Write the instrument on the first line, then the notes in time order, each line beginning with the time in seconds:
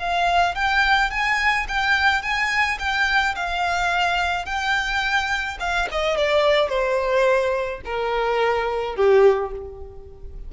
violin
0.00 F5
0.56 G5
1.11 G#5
1.69 G5
2.23 G#5
2.79 G5
3.36 F5
4.46 G5
5.60 F5
5.92 D#5
6.17 D5
6.69 C5
7.86 A#4
8.96 G4